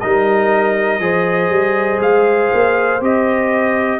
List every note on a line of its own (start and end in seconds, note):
0.00 1.00 G3
0.00 1.00 D#4
0.00 1.01 A#4
0.00 2.00 D#5
1.00 1.49 F3
1.00 3.00 G#4
1.00 4.00 C5
1.49 1.99 G3
2.00 2.50 G#3
2.00 3.02 F5
2.53 3.01 A#3
3.01 4.00 C4
3.01 4.00 G4
3.01 4.00 D#5